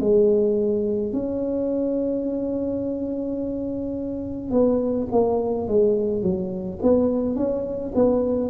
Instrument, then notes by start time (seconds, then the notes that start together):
tuba
0.00 G#3
1.13 C#4
4.51 B3
5.11 A#3
5.68 G#3
6.23 F#3
6.82 B3
7.36 C#4
7.95 B3